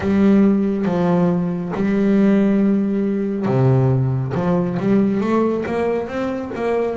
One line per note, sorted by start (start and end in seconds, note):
0.00 0.85 G3
0.85 1.72 F3
1.74 3.45 G3
3.45 4.32 C3
4.34 4.77 F3
4.79 5.20 G3
5.20 5.64 A3
5.66 6.08 A#3
6.08 6.51 C4
6.55 6.96 A#3